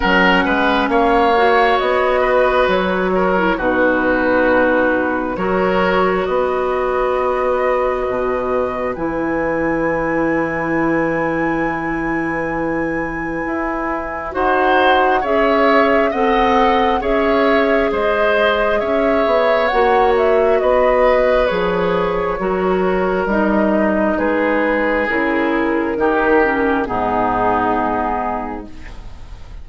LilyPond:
<<
  \new Staff \with { instrumentName = "flute" } { \time 4/4 \tempo 4 = 67 fis''4 f''4 dis''4 cis''4 | b'2 cis''4 dis''4~ | dis''2 gis''2~ | gis''1 |
fis''4 e''4 fis''4 e''4 | dis''4 e''4 fis''8 e''8 dis''4 | cis''2 dis''4 b'4 | ais'2 gis'2 | }
  \new Staff \with { instrumentName = "oboe" } { \time 4/4 ais'8 b'8 cis''4. b'4 ais'8 | fis'2 ais'4 b'4~ | b'1~ | b'1 |
c''4 cis''4 dis''4 cis''4 | c''4 cis''2 b'4~ | b'4 ais'2 gis'4~ | gis'4 g'4 dis'2 | }
  \new Staff \with { instrumentName = "clarinet" } { \time 4/4 cis'4. fis'2~ fis'16 e'16 | dis'2 fis'2~ | fis'2 e'2~ | e'1 |
fis'4 gis'4 a'4 gis'4~ | gis'2 fis'2 | gis'4 fis'4 dis'2 | e'4 dis'8 cis'8 b2 | }
  \new Staff \with { instrumentName = "bassoon" } { \time 4/4 fis8 gis8 ais4 b4 fis4 | b,2 fis4 b4~ | b4 b,4 e2~ | e2. e'4 |
dis'4 cis'4 c'4 cis'4 | gis4 cis'8 b8 ais4 b4 | f4 fis4 g4 gis4 | cis4 dis4 gis,2 | }
>>